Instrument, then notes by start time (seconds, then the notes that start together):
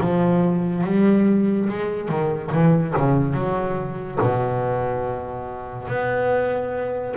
double bass
0.00 F3
0.84 G3
1.69 G#3
2.08 D#3
2.52 E3
2.97 C#3
3.34 F#3
4.21 B2
5.88 B3